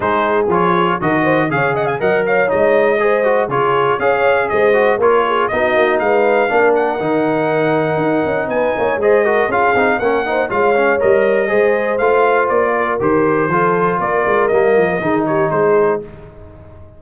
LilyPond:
<<
  \new Staff \with { instrumentName = "trumpet" } { \time 4/4 \tempo 4 = 120 c''4 cis''4 dis''4 f''8 fis''16 gis''16 | fis''8 f''8 dis''2 cis''4 | f''4 dis''4 cis''4 dis''4 | f''4. fis''2~ fis''8~ |
fis''4 gis''4 dis''4 f''4 | fis''4 f''4 dis''2 | f''4 d''4 c''2 | d''4 dis''4. cis''8 c''4 | }
  \new Staff \with { instrumentName = "horn" } { \time 4/4 gis'2 ais'8 c''8 cis''8 dis''16 f''16 | dis''8 cis''4. c''4 gis'4 | cis''4 c''4 ais'8 gis'8 fis'4 | b'4 ais'2.~ |
ais'4 b'8 cis''8 c''8 ais'8 gis'4 | ais'8 c''8 cis''2 c''4~ | c''4. ais'4. a'4 | ais'2 gis'8 g'8 gis'4 | }
  \new Staff \with { instrumentName = "trombone" } { \time 4/4 dis'4 f'4 fis'4 gis'4 | ais'4 dis'4 gis'8 fis'8 f'4 | gis'4. fis'8 f'4 dis'4~ | dis'4 d'4 dis'2~ |
dis'2 gis'8 fis'8 f'8 dis'8 | cis'8 dis'8 f'8 cis'8 ais'4 gis'4 | f'2 g'4 f'4~ | f'4 ais4 dis'2 | }
  \new Staff \with { instrumentName = "tuba" } { \time 4/4 gis4 f4 dis4 cis4 | fis4 gis2 cis4 | cis'4 gis4 ais4 b8 ais8 | gis4 ais4 dis2 |
dis'8 cis'8 b8 ais8 gis4 cis'8 c'8 | ais4 gis4 g4 gis4 | a4 ais4 dis4 f4 | ais8 gis8 g8 f8 dis4 gis4 | }
>>